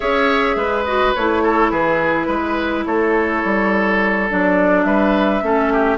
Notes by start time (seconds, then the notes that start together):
0.00 C#4 G#4 C#5 E5
0.55 G#3 B4
0.84 F#4 D#5
1.14 A3 E4 C#5
1.43 A4
1.70 E3 G#4 B4
2.27 G#3 B4
2.85 A3 A4 C#5
3.44 G3
4.30 F#3 D4 D5
4.83 G3 B4 E5
5.42 A3 C#4 A4
5.72 G4